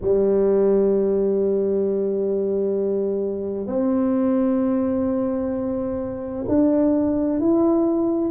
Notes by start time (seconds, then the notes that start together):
0.01 G3
3.67 C4
6.48 D4
7.39 E4